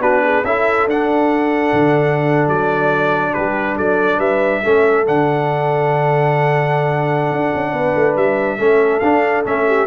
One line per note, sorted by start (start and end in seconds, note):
0.00 0.43 B3
0.00 0.44 D4
0.00 0.23 F#4
0.00 0.45 B4
0.24 0.45 G#4
0.44 0.87 C#4
0.44 0.89 E4
0.44 3.34 A4
0.44 0.88 E5
0.87 1.72 D4
0.87 4.64 D4
0.87 2.49 F#5
1.74 2.48 D3
2.48 3.34 F#3
2.48 3.34 D5
3.34 3.79 G3
3.34 3.77 G4
3.34 3.77 B4
3.77 4.19 F#3
3.77 4.19 A4
3.77 4.21 D5
4.19 4.62 G3
4.19 4.62 B4
4.19 5.06 E5
4.64 5.07 A3
4.64 5.06 C#4
4.64 7.74 A4
5.06 7.32 D3
5.06 8.59 D4
5.06 8.17 F#5
7.32 7.53 D4
7.55 7.73 C#4
7.73 7.94 B3
7.73 8.59 B4
7.96 8.17 A3
8.17 8.59 G3
8.17 9.00 E5
8.59 9.02 A3
8.59 9.02 C#4
8.59 9.66 A4
9.00 9.45 D4
9.00 9.43 F5
9.45 9.87 A3
9.45 9.87 C#4
9.45 9.87 E5
9.68 9.87 G4